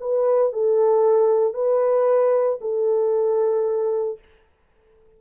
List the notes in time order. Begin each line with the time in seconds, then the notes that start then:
0.00 B4
0.52 A4
1.54 B4
2.61 A4